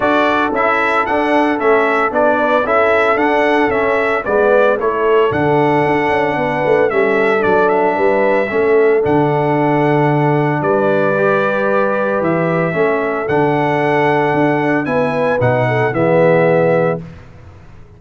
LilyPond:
<<
  \new Staff \with { instrumentName = "trumpet" } { \time 4/4 \tempo 4 = 113 d''4 e''4 fis''4 e''4 | d''4 e''4 fis''4 e''4 | d''4 cis''4 fis''2~ | fis''4 e''4 d''8 e''4.~ |
e''4 fis''2. | d''2. e''4~ | e''4 fis''2. | gis''4 fis''4 e''2 | }
  \new Staff \with { instrumentName = "horn" } { \time 4/4 a'1~ | a'8 b'8 a'2. | b'4 a'2. | b'4 a'2 b'4 |
a'1 | b'1 | a'1 | b'4. a'8 gis'2 | }
  \new Staff \with { instrumentName = "trombone" } { \time 4/4 fis'4 e'4 d'4 cis'4 | d'4 e'4 d'4 cis'4 | b4 e'4 d'2~ | d'4 cis'4 d'2 |
cis'4 d'2.~ | d'4 g'2. | cis'4 d'2. | e'4 dis'4 b2 | }
  \new Staff \with { instrumentName = "tuba" } { \time 4/4 d'4 cis'4 d'4 a4 | b4 cis'4 d'4 cis'4 | gis4 a4 d4 d'8 cis'8 | b8 a8 g4 fis4 g4 |
a4 d2. | g2. e4 | a4 d2 d'4 | b4 b,4 e2 | }
>>